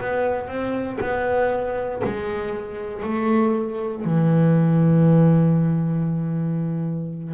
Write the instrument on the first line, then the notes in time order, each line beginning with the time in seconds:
double bass
0.00 B3
0.48 C4
1.01 B3
2.04 G#3
3.03 A3
4.04 E3